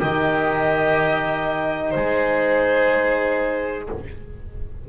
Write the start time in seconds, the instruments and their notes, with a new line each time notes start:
0.00 double bass D#3, horn D#4, oboe G4, violin D#5
1.91 double bass G#3, oboe G#4, violin C5